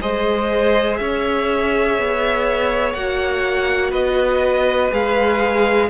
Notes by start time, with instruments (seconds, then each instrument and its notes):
0.00 cello G#3, viola G#4, violin C5 D#5
0.96 cello C#4, violin C#5 E5
1.98 cello B3
2.93 cello A#3, viola F#4, violin F#5
3.91 cello B3, violin B4 D#5
4.91 cello G#3, viola G#4, violin F5